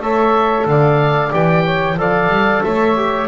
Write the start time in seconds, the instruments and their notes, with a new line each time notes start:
0.00 double bass A3, trombone A4, saxophone C#5, oboe E5
0.66 double bass D3, saxophone D5, oboe F5
1.30 double bass E3, trombone G4, oboe G5
1.63 saxophone C#5
1.95 double bass F3, trombone A4, saxophone D5, oboe F5
2.29 double bass G3
2.64 double bass A3, saxophone C#5, oboe E5
2.96 trombone G4